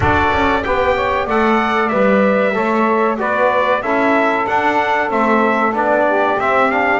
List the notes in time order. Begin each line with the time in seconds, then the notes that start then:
0.00 D4 F#4 A4 D5
0.32 C#4
0.64 B3 G4 B4 G5
0.95 C#5
1.25 A3 A4 D5 F#5
1.88 G3 B4 E5
2.54 A3 A4 C#5
3.17 B3 F#4 B4 D5
3.82 C#4 E4 A4 E5
4.47 D4 F#5
5.08 A3 C4 E5
5.73 B3 D4 D5
6.06 G4
6.39 C4 E5
6.70 D4 F5